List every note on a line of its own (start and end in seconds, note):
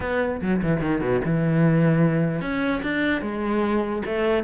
0.00 0.40 B3
0.41 0.61 F#3
0.62 0.80 E3
0.80 1.00 D#3
1.00 1.21 B2
1.24 2.41 E3
2.41 2.81 C#4
2.82 3.21 D4
3.21 4.02 G#3
4.05 4.43 A3